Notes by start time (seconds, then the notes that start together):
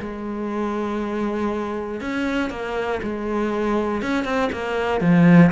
0.00 G#3
2.01 C#4
2.50 A#3
3.03 G#3
4.02 C#4
4.25 C4
4.53 A#3
5.01 F3